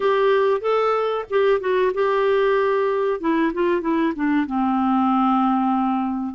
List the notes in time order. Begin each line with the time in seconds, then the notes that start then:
0.00 G4
0.60 A4
1.29 G4
1.60 F#4
1.94 G4
3.20 E4
3.53 F4
3.81 E4
4.15 D4
4.46 C4